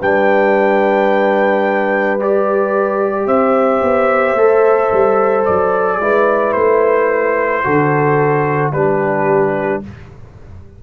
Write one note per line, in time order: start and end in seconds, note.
0.00 3.27 G3
0.00 2.20 D4
0.00 3.27 B4
0.00 2.20 G5
2.20 4.38 G4
2.20 3.27 D5
3.27 3.82 C4
3.27 6.00 C5
3.27 5.45 E5
3.82 4.35 B3
4.35 4.89 A3
4.35 6.01 A4
4.93 5.47 G3
5.45 6.00 F#3
5.45 6.53 D5
6.00 6.55 G#3
6.00 7.64 E4
6.00 7.65 B4
6.53 7.64 A3
6.53 8.71 C5
7.64 8.72 D3
7.64 8.73 F#4
7.64 8.74 A4
8.72 9.81 G3
8.72 9.83 D4
8.72 9.83 G4
8.72 9.82 B4